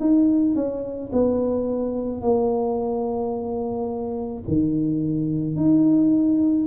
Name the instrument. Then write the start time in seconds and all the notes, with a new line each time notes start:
tuba
0.00 D#4
0.56 C#4
1.13 B3
2.22 A#3
4.47 D#3
5.56 D#4